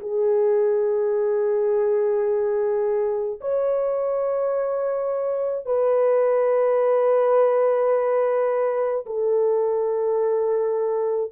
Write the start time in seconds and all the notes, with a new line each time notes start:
0.00 G#4
3.41 C#5
5.66 B4
9.06 A4